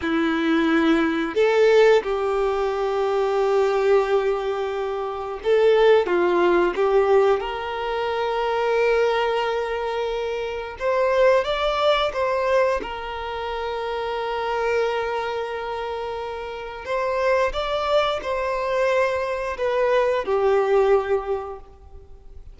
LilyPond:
\new Staff \with { instrumentName = "violin" } { \time 4/4 \tempo 4 = 89 e'2 a'4 g'4~ | g'1 | a'4 f'4 g'4 ais'4~ | ais'1 |
c''4 d''4 c''4 ais'4~ | ais'1~ | ais'4 c''4 d''4 c''4~ | c''4 b'4 g'2 | }